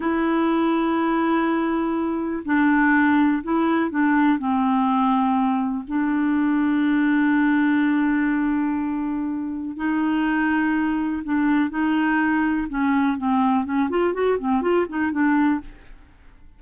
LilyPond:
\new Staff \with { instrumentName = "clarinet" } { \time 4/4 \tempo 4 = 123 e'1~ | e'4 d'2 e'4 | d'4 c'2. | d'1~ |
d'1 | dis'2. d'4 | dis'2 cis'4 c'4 | cis'8 f'8 fis'8 c'8 f'8 dis'8 d'4 | }